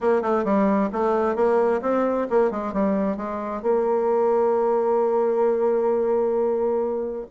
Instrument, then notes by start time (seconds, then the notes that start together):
bassoon
0.00 A#3
0.21 A3
0.44 G3
0.92 A3
1.35 A#3
1.81 C4
2.30 A#3
2.51 G#3
2.73 G3
3.17 G#3
3.62 A#3